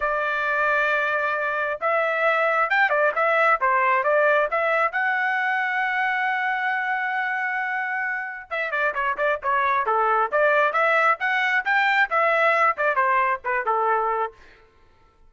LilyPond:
\new Staff \with { instrumentName = "trumpet" } { \time 4/4 \tempo 4 = 134 d''1 | e''2 g''8 d''8 e''4 | c''4 d''4 e''4 fis''4~ | fis''1~ |
fis''2. e''8 d''8 | cis''8 d''8 cis''4 a'4 d''4 | e''4 fis''4 g''4 e''4~ | e''8 d''8 c''4 b'8 a'4. | }